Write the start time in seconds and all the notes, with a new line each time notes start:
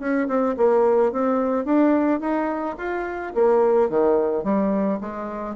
0.00 C#4
0.28 C4
0.57 A#3
1.13 C4
1.65 D4
2.21 D#4
2.78 F4
3.35 A#3
3.90 D#3
4.44 G3
5.01 G#3